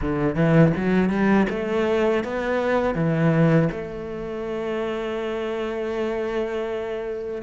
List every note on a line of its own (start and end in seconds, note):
0.01 0.35 D3
0.35 0.72 E3
0.76 1.09 F#3
1.09 1.46 G3
1.49 2.24 A3
2.24 2.94 B3
2.94 3.68 E3
3.71 7.42 A3